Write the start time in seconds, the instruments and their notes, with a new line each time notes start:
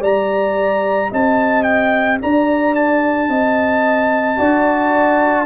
0.00 tuba G3, trombone G4, horn D5, trumpet A#5
1.11 tuba C4, horn D#5, trumpet A5
1.63 trumpet G5
2.22 tuba D4, horn D5, trumpet A#5
2.75 trumpet A5
3.29 tuba C4, horn D#5
4.37 tuba D4, trombone F#4, horn D5